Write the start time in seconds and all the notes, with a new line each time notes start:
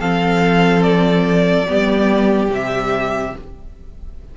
0.00 F3 C4 A4 F5
0.83 D5
1.68 G3 B3 G4
2.49 C3 G3 E5